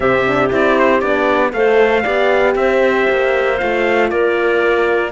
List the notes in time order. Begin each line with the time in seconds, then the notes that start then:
0.00 C3 C4 G4 E5
0.26 D4
0.49 C4 E4 D5
0.78 C5
1.00 B3 D4 D5
1.53 A3 A4 C5 F5
2.02 B3 G4 D5
2.55 C4 C5 E5
3.09 A#3
3.58 A3 F4 F5
4.10 A#3 A#4 D5